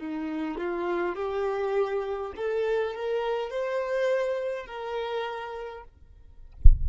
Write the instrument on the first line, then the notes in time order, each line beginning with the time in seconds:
violin
0.00 D#4
0.58 F4
1.16 G4
2.36 A4
2.96 A#4
3.51 C5
4.67 A#4